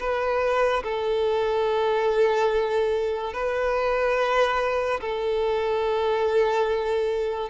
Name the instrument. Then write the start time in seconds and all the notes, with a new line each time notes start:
violin
0.00 B4
0.84 A4
3.33 B4
5.01 A4